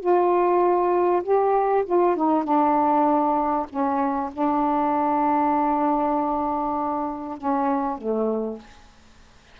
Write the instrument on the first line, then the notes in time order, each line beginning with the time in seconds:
saxophone
0.00 F4
1.23 G4
1.86 F4
2.16 D#4
2.44 D4
3.69 C#4
4.32 D4
7.37 C#4
7.98 A3